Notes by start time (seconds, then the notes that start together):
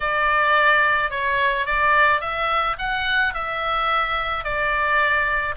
0.00 D5
1.10 C#5
1.66 D5
2.20 E5
2.78 F#5
3.34 E5
4.43 D5